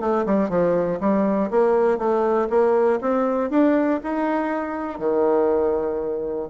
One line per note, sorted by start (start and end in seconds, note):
0.00 0.25 A3
0.25 0.49 G3
0.49 0.99 F3
1.00 1.50 G3
1.50 1.98 A#3
1.98 2.48 A3
2.49 2.99 A#3
3.00 3.50 C4
3.50 4.00 D4
4.03 4.99 D#4
4.99 6.49 D#3